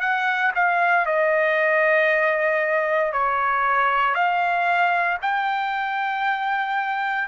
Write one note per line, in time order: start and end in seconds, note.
0.00 0.52 F#5
0.55 1.06 F5
1.06 3.13 D#5
3.13 4.15 C#5
4.15 5.18 F5
5.22 7.28 G5